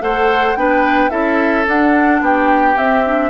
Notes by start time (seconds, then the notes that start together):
0.00 A3 A4 C5 F#5
0.55 B3 D4 B4 G5
1.10 C#4 E4 A4 E5
1.66 D4 F#5
2.21 B3 G4 G5
2.76 C4 E5
3.05 D4